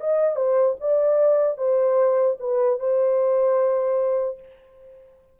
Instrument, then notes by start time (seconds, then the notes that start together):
horn
0.00 D#5
0.36 C5
0.80 D5
1.57 C5
2.40 B4
2.79 C5